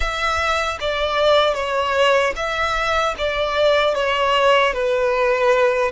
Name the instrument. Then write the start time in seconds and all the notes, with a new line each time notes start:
violin
0.00 E5
0.80 D5
1.54 C#5
2.35 E5
3.18 D5
3.94 C#5
4.73 B4